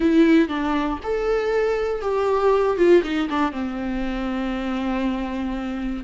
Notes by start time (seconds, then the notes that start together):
0.00 E4
0.48 D4
1.03 A4
2.01 G4
2.77 F4
3.03 D#4
3.29 D4
3.52 C4